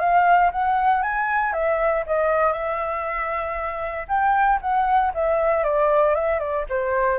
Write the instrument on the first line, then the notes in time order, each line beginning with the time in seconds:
flute
0.00 F5
0.52 F#5
1.03 G#5
1.53 E5
2.07 D#5
2.53 E5
4.08 G5
4.62 F#5
5.15 E5
5.64 D5
6.15 E5
6.40 D5
6.70 C5